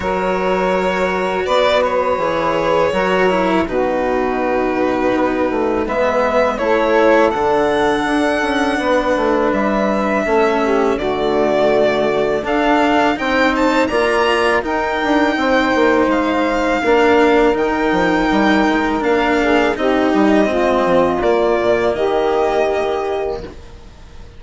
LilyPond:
<<
  \new Staff \with { instrumentName = "violin" } { \time 4/4 \tempo 4 = 82 cis''2 d''8 cis''4.~ | cis''4 b'2. | e''4 cis''4 fis''2~ | fis''4 e''2 d''4~ |
d''4 f''4 g''8 a''8 ais''4 | g''2 f''2 | g''2 f''4 dis''4~ | dis''4 d''4 dis''2 | }
  \new Staff \with { instrumentName = "saxophone" } { \time 4/4 ais'2 b'2 | ais'4 fis'2. | b'4 a'2. | b'2 a'8 g'8 fis'4~ |
fis'4 a'4 c''4 d''4 | ais'4 c''2 ais'4~ | ais'2~ ais'8 gis'8 g'4 | f'2 g'2 | }
  \new Staff \with { instrumentName = "cello" } { \time 4/4 fis'2. gis'4 | fis'8 e'8 dis'2. | b4 e'4 d'2~ | d'2 cis'4 a4~ |
a4 d'4 dis'4 f'4 | dis'2. d'4 | dis'2 d'4 dis'4 | c'4 ais2. | }
  \new Staff \with { instrumentName = "bassoon" } { \time 4/4 fis2 b4 e4 | fis4 b,2 b8 a8 | gis4 a4 d4 d'8 cis'8 | b8 a8 g4 a4 d4~ |
d4 d'4 c'4 ais4 | dis'8 d'8 c'8 ais8 gis4 ais4 | dis8 f8 g8 gis8 ais4 c'8 g8 | gis8 f8 ais8 ais,8 dis2 | }
>>